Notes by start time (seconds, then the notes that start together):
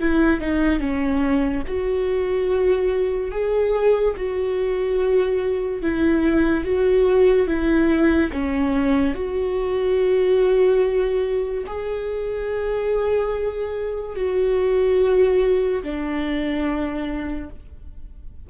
0.00 E4
0.41 D#4
0.80 C#4
1.67 F#4
3.31 G#4
4.17 F#4
5.82 E4
6.64 F#4
7.47 E4
8.33 C#4
9.15 F#4
11.67 G#4
14.16 F#4
15.83 D4